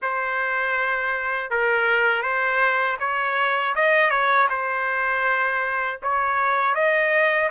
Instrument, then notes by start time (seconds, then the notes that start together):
trumpet
0.02 C5
1.50 A#4
2.22 C5
2.99 C#5
3.75 D#5
4.10 C#5
4.49 C5
6.02 C#5
6.74 D#5